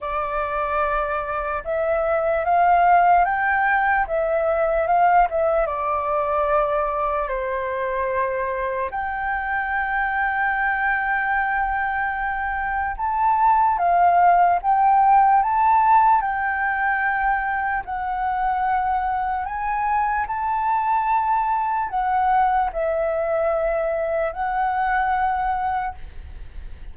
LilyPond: \new Staff \with { instrumentName = "flute" } { \time 4/4 \tempo 4 = 74 d''2 e''4 f''4 | g''4 e''4 f''8 e''8 d''4~ | d''4 c''2 g''4~ | g''1 |
a''4 f''4 g''4 a''4 | g''2 fis''2 | gis''4 a''2 fis''4 | e''2 fis''2 | }